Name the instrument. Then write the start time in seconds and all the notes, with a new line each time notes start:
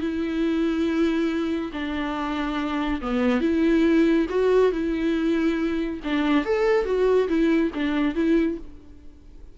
viola
0.00 E4
1.72 D4
3.01 B3
3.41 E4
4.29 F#4
4.72 E4
6.04 D4
6.45 A4
6.85 F#4
7.28 E4
7.74 D4
8.15 E4